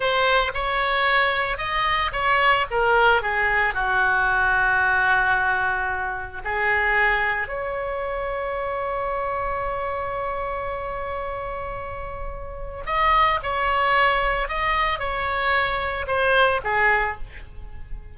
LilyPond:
\new Staff \with { instrumentName = "oboe" } { \time 4/4 \tempo 4 = 112 c''4 cis''2 dis''4 | cis''4 ais'4 gis'4 fis'4~ | fis'1 | gis'2 cis''2~ |
cis''1~ | cis''1 | dis''4 cis''2 dis''4 | cis''2 c''4 gis'4 | }